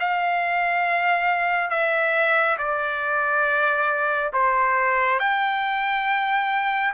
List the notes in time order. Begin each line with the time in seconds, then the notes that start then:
0.00 F5
1.70 E5
2.58 D5
4.33 C5
5.20 G5